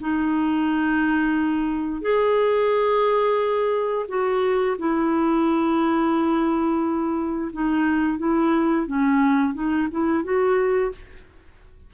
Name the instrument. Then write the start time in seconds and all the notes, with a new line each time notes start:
clarinet
0.00 D#4
2.01 G#4
4.08 F#4
4.79 E4
7.52 D#4
8.18 E4
8.87 C#4
9.54 D#4
9.91 E4
10.24 F#4